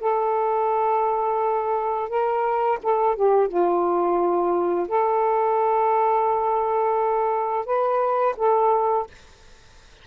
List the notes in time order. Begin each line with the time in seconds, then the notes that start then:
0.00 A4
2.09 A#4
2.83 A4
3.16 G4
3.48 F4
4.88 A4
7.65 B4
8.37 A4